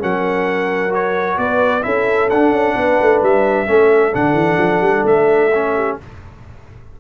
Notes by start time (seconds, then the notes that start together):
0.00 F#3 C#4 A#4 F#5
0.90 F#4 C#5
1.38 B3 B4 D5
1.83 C#4 E4 A4 E5
2.30 D4 F#5
2.52 C#4
2.76 B3 B4
3.02 A3
3.22 G3 E5
3.67 A3 C#4 A4
4.14 D3 D4 F#5
4.34 E3
4.58 F3
4.81 G3
5.05 A3 E5
5.55 C#4
5.75 G4